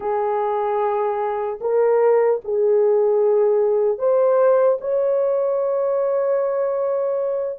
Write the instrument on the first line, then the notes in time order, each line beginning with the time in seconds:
horn
0.00 G#4
1.60 A#4
2.44 G#4
3.98 C5
4.80 C#5